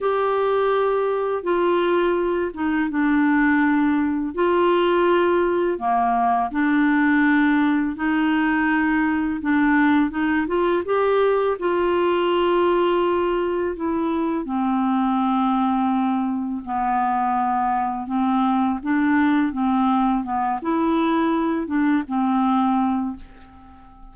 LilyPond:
\new Staff \with { instrumentName = "clarinet" } { \time 4/4 \tempo 4 = 83 g'2 f'4. dis'8 | d'2 f'2 | ais4 d'2 dis'4~ | dis'4 d'4 dis'8 f'8 g'4 |
f'2. e'4 | c'2. b4~ | b4 c'4 d'4 c'4 | b8 e'4. d'8 c'4. | }